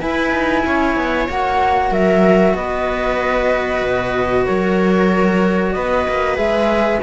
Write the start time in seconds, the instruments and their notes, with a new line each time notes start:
0.00 cello E4, viola B4, flute G#5
0.31 cello D#4
0.66 cello C#4, viola C#5
0.96 cello B3
1.29 cello A#3 F#4, flute F#5
1.91 cello F#3, viola A#4, flute E5
2.54 cello B3, viola B4, flute D#5
3.82 cello B2
4.46 cello F#3, viola A#4, flute C#5
5.73 cello B3, viola B4, flute D#5
6.09 cello A#3
6.36 cello G#3 G#4, flute E5